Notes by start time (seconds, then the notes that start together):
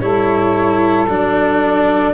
0.00 G3 E4 A4 C#5
1.08 F#3 D4 D5